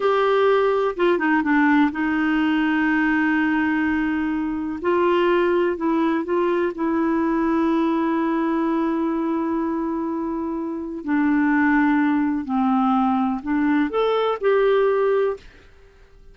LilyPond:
\new Staff \with { instrumentName = "clarinet" } { \time 4/4 \tempo 4 = 125 g'2 f'8 dis'8 d'4 | dis'1~ | dis'2 f'2 | e'4 f'4 e'2~ |
e'1~ | e'2. d'4~ | d'2 c'2 | d'4 a'4 g'2 | }